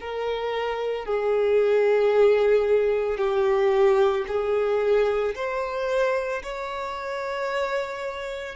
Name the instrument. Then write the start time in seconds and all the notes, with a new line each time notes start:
violin
0.00 A#4
1.05 G#4
3.18 G4
4.28 G#4
5.35 C5
6.43 C#5